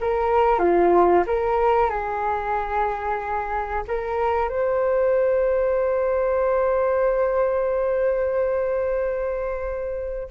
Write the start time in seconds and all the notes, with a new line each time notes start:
0.00 A#4
0.59 F4
1.26 A#4
1.89 G#4
3.87 A#4
4.48 C5